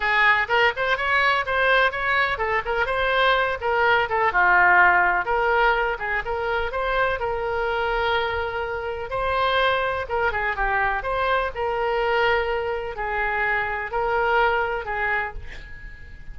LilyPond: \new Staff \with { instrumentName = "oboe" } { \time 4/4 \tempo 4 = 125 gis'4 ais'8 c''8 cis''4 c''4 | cis''4 a'8 ais'8 c''4. ais'8~ | ais'8 a'8 f'2 ais'4~ | ais'8 gis'8 ais'4 c''4 ais'4~ |
ais'2. c''4~ | c''4 ais'8 gis'8 g'4 c''4 | ais'2. gis'4~ | gis'4 ais'2 gis'4 | }